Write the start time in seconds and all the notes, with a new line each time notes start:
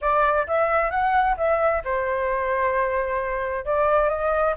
0.01 D5
0.47 E5
0.90 F#5
1.37 E5
1.84 C5
3.65 D5
4.09 D#5